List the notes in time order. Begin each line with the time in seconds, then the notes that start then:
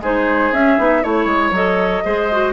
0.00 G#3 D#4 G#4 C5
0.52 C#4 E5
0.78 B3 D#4
1.02 A3 E4 C#5
1.26 G#3
1.51 F#3 A4 D#5
2.05 G#3 G#4 C5
2.32 F#4